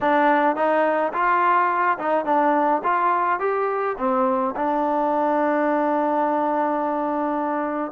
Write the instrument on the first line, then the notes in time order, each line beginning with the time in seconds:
trombone
0.00 D4
0.56 D#4
1.13 F4
1.98 D#4
2.25 D4
2.83 F4
3.39 G4
3.98 C4
4.55 D4